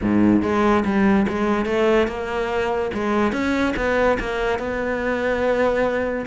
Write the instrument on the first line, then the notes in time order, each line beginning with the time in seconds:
cello
0.01 G#2
0.42 G#3
0.84 G3
1.28 G#3
1.65 A3
2.07 A#3
2.93 G#3
3.32 C#4
3.76 B3
4.19 A#3
4.59 B3